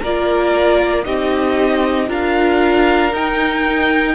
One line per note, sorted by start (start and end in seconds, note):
0.00 1.06 A#3
0.00 1.05 F4
0.00 1.03 A#4
0.00 1.05 D5
1.05 2.09 C4
1.05 2.08 D#4
1.05 2.09 G4
1.05 2.09 D#5
2.08 3.12 D4
2.08 3.11 F4
2.08 4.15 A#4
2.08 3.15 F5
3.12 4.15 D#4
3.12 4.15 G5